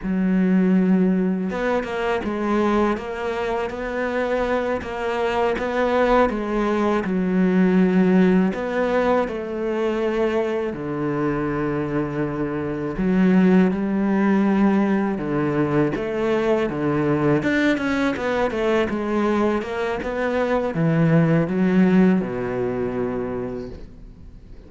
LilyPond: \new Staff \with { instrumentName = "cello" } { \time 4/4 \tempo 4 = 81 fis2 b8 ais8 gis4 | ais4 b4. ais4 b8~ | b8 gis4 fis2 b8~ | b8 a2 d4.~ |
d4. fis4 g4.~ | g8 d4 a4 d4 d'8 | cis'8 b8 a8 gis4 ais8 b4 | e4 fis4 b,2 | }